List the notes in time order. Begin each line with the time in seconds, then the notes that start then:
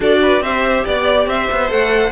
0.00 D4 F#4 A4 D5
0.22 B4
0.40 C4 G4 C5 E5
0.84 B3 D5
1.26 C4 C5 E5
1.52 B3
1.68 A3 A4 F#5